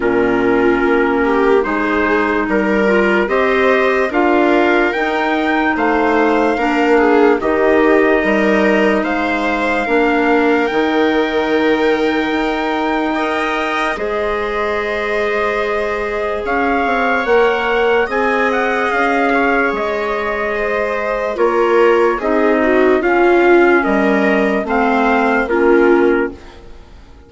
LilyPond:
<<
  \new Staff \with { instrumentName = "trumpet" } { \time 4/4 \tempo 4 = 73 ais'2 c''4 ais'4 | dis''4 f''4 g''4 f''4~ | f''4 dis''2 f''4~ | f''4 g''2.~ |
g''4 dis''2. | f''4 fis''4 gis''8 fis''8 f''4 | dis''2 cis''4 dis''4 | f''4 dis''4 f''4 ais'4 | }
  \new Staff \with { instrumentName = "viola" } { \time 4/4 f'4. g'8 gis'4 ais'4 | c''4 ais'2 c''4 | ais'8 gis'8 g'4 ais'4 c''4 | ais'1 |
dis''4 c''2. | cis''2 dis''4. cis''8~ | cis''4 c''4 ais'4 gis'8 fis'8 | f'4 ais'4 c''4 f'4 | }
  \new Staff \with { instrumentName = "clarinet" } { \time 4/4 cis'2 dis'4. f'8 | g'4 f'4 dis'2 | d'4 dis'2. | d'4 dis'2. |
ais'4 gis'2.~ | gis'4 ais'4 gis'2~ | gis'2 f'4 dis'4 | cis'2 c'4 cis'4 | }
  \new Staff \with { instrumentName = "bassoon" } { \time 4/4 ais,4 ais4 gis4 g4 | c'4 d'4 dis'4 a4 | ais4 dis4 g4 gis4 | ais4 dis2 dis'4~ |
dis'4 gis2. | cis'8 c'8 ais4 c'4 cis'4 | gis2 ais4 c'4 | cis'4 g4 a4 ais4 | }
>>